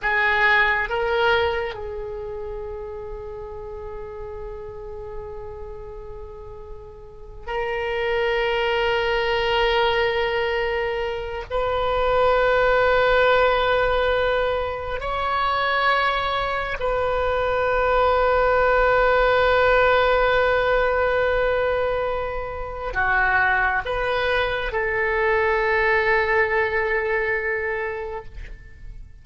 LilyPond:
\new Staff \with { instrumentName = "oboe" } { \time 4/4 \tempo 4 = 68 gis'4 ais'4 gis'2~ | gis'1~ | gis'8 ais'2.~ ais'8~ | ais'4 b'2.~ |
b'4 cis''2 b'4~ | b'1~ | b'2 fis'4 b'4 | a'1 | }